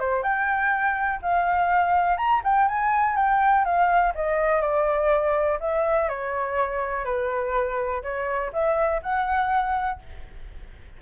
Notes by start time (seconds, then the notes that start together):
0.00 C5
0.23 G5
1.23 F5
2.18 A#5
2.44 G5
2.69 G#5
3.16 G5
3.65 F5
4.15 D#5
4.62 D5
5.61 E5
6.09 C#5
7.05 B4
8.03 C#5
8.53 E5
9.03 F#5